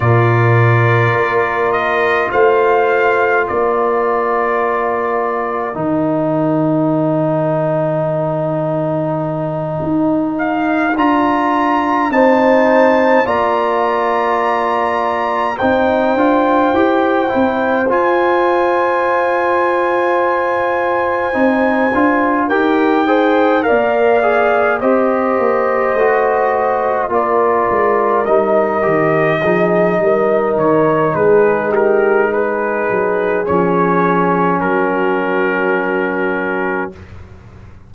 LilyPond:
<<
  \new Staff \with { instrumentName = "trumpet" } { \time 4/4 \tempo 4 = 52 d''4. dis''8 f''4 d''4~ | d''4 g''2.~ | g''4 f''8 ais''4 a''4 ais''8~ | ais''4. g''2 gis''8~ |
gis''2.~ gis''8 g''8~ | g''8 f''4 dis''2 d''8~ | d''8 dis''2 cis''8 b'8 ais'8 | b'4 cis''4 ais'2 | }
  \new Staff \with { instrumentName = "horn" } { \time 4/4 ais'2 c''4 ais'4~ | ais'1~ | ais'2~ ais'8 c''4 d''8~ | d''4. c''2~ c''8~ |
c''2.~ c''8 ais'8 | c''8 d''4 c''2 ais'8~ | ais'4. gis'8 ais'4 gis'8 g'8 | gis'2 fis'2 | }
  \new Staff \with { instrumentName = "trombone" } { \time 4/4 f'1~ | f'4 dis'2.~ | dis'4. f'4 dis'4 f'8~ | f'4. dis'8 f'8 g'8 e'8 f'8~ |
f'2~ f'8 dis'8 f'8 g'8 | gis'8 ais'8 gis'8 g'4 fis'4 f'8~ | f'8 dis'8 g'8 dis'2~ dis'8~ | dis'4 cis'2. | }
  \new Staff \with { instrumentName = "tuba" } { \time 4/4 ais,4 ais4 a4 ais4~ | ais4 dis2.~ | dis8 dis'4 d'4 c'4 ais8~ | ais4. c'8 d'8 e'8 c'8 f'8~ |
f'2~ f'8 c'8 d'8 dis'8~ | dis'8 ais4 c'8 ais8 a4 ais8 | gis8 g8 dis8 f8 g8 dis8 gis4~ | gis8 fis8 f4 fis2 | }
>>